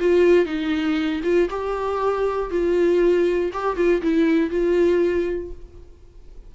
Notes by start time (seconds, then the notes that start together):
0.00 F4
0.45 D#4
1.24 F4
1.50 G4
2.51 F4
3.53 G4
3.77 F4
4.02 E4
4.50 F4